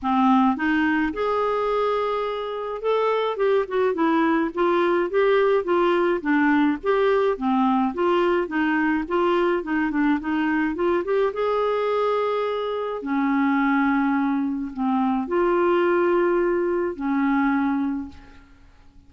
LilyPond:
\new Staff \with { instrumentName = "clarinet" } { \time 4/4 \tempo 4 = 106 c'4 dis'4 gis'2~ | gis'4 a'4 g'8 fis'8 e'4 | f'4 g'4 f'4 d'4 | g'4 c'4 f'4 dis'4 |
f'4 dis'8 d'8 dis'4 f'8 g'8 | gis'2. cis'4~ | cis'2 c'4 f'4~ | f'2 cis'2 | }